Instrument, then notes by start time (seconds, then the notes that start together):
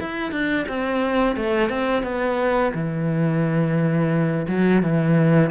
cello
0.00 E4
0.31 D4
0.68 C4
1.36 A3
1.69 C4
2.03 B3
2.74 E3
4.48 F#3
4.83 E3